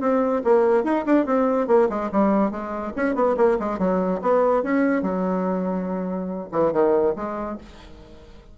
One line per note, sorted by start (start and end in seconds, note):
0.00 0.42 C4
0.44 0.84 A#3
0.84 1.05 D#4
1.06 1.26 D4
1.26 1.67 C4
1.67 1.88 A#3
1.89 2.10 G#3
2.12 2.51 G3
2.51 2.93 G#3
2.96 3.15 C#4
3.15 3.36 B3
3.37 3.58 A#3
3.59 3.78 G#3
3.78 4.20 F#3
4.22 4.63 B3
4.63 5.02 C#4
5.02 6.49 F#3
6.51 6.72 E3
6.72 7.14 D#3
7.16 7.58 G#3